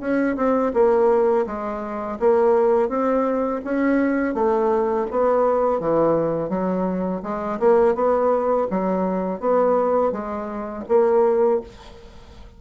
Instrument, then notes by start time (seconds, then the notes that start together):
bassoon
0.00 C#4
0.36 C4
0.73 A#3
1.46 G#3
2.19 A#3
2.88 C4
3.64 C#4
4.34 A3
5.11 B3
5.80 E3
6.49 F#3
7.23 G#3
7.59 A#3
7.95 B3
8.70 F#3
9.40 B3
10.12 G#3
10.89 A#3